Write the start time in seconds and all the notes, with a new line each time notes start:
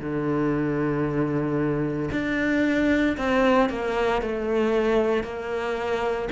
0.00 D3
2.12 D4
3.18 C4
3.70 A#3
4.22 A3
5.24 A#3